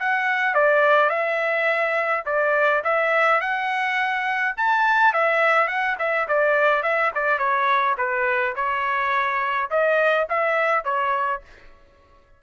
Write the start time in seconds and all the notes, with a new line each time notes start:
0.00 F#5
0.55 D5
1.10 E5
2.26 D5
2.84 E5
3.41 F#5
4.57 A5
5.14 E5
5.68 F#5
5.99 E5
6.28 D5
6.83 E5
7.15 D5
7.38 C#5
7.98 B4
8.56 C#5
9.71 D#5
10.30 E5
10.85 C#5